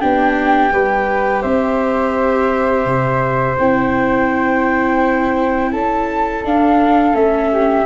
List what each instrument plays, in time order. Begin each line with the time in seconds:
0.00 tuba B3, viola D4, flute G4 G5
0.72 tuba G3, viola G4, flute B4
1.42 tuba C4, flute C5 E5
2.85 tuba C3
3.59 tuba C4, viola E4, flute G5
5.72 tuba C#4, flute A4 A5
6.44 tuba D4, viola D4, flute F5
7.14 tuba A3, viola C#4, flute E5
7.52 flute G4